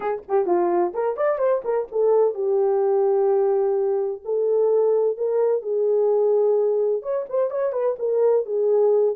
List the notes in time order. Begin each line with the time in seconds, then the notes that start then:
0.00 G#4
0.28 G4
0.46 F4
0.94 A#4
1.16 D5
1.38 C5
1.64 A#4
1.91 A4
2.34 G4
4.24 A4
5.17 A#4
5.61 G#4
7.02 C#5
7.29 C5
7.50 C#5
7.72 B4
7.98 A#4
8.45 G#4